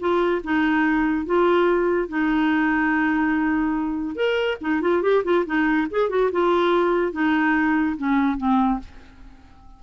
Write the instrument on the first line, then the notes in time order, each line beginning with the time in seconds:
clarinet
0.00 F4
0.44 D#4
1.26 F4
2.09 D#4
4.16 A#4
4.62 D#4
4.82 F4
5.03 G4
5.24 F4
5.46 D#4
5.91 G#4
6.10 F#4
6.32 F4
7.13 D#4
7.97 C#4
8.38 C4